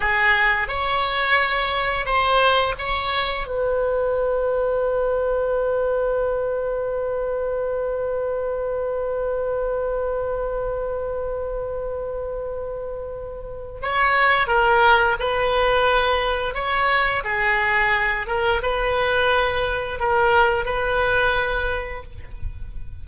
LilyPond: \new Staff \with { instrumentName = "oboe" } { \time 4/4 \tempo 4 = 87 gis'4 cis''2 c''4 | cis''4 b'2.~ | b'1~ | b'1~ |
b'1 | cis''4 ais'4 b'2 | cis''4 gis'4. ais'8 b'4~ | b'4 ais'4 b'2 | }